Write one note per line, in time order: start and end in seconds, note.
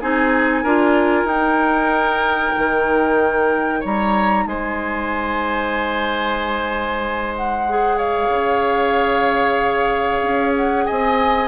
0.00 0.64 C4
0.00 0.65 D#4
0.00 0.63 G#4
0.00 1.27 G#5
0.63 1.25 D4
0.63 1.28 F4
0.63 3.80 A#4
1.25 2.52 D#4
1.25 7.67 D#4
1.25 3.83 G5
2.57 3.85 D#3
3.80 4.46 G3
3.80 4.44 C#5
3.80 4.48 A#5
4.46 8.29 G#3
4.46 7.97 C5
4.46 7.35 G#5
7.36 7.99 F#5
7.70 11.49 G#4
7.97 10.85 C#5
7.97 10.54 F5
8.29 10.21 C#3
10.23 10.87 C#4
10.56 10.86 F#5
10.86 11.49 C4
10.86 11.49 D#5
10.86 11.49 G#5